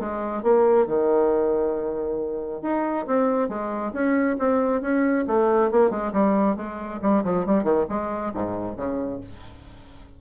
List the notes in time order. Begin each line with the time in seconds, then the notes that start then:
0.00 G#3
0.43 A#3
0.87 D#3
2.63 D#4
3.07 C4
3.49 G#3
3.94 C#4
4.39 C4
4.82 C#4
5.28 A3
5.72 A#3
5.91 G#3
6.13 G3
6.57 G#3
7.02 G3
7.24 F3
7.46 G3
7.64 D#3
7.90 G#3
8.34 G#2
8.77 C#3